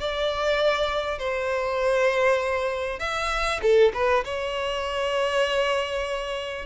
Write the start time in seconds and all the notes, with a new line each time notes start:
0.00 D5
1.19 C5
3.00 E5
3.63 A4
3.94 B4
4.25 C#5